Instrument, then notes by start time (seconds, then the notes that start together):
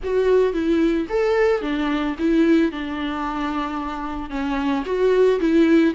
viola
0.03 F#4
0.53 E4
1.09 A4
1.61 D4
2.18 E4
2.71 D4
4.30 C#4
4.85 F#4
5.40 E4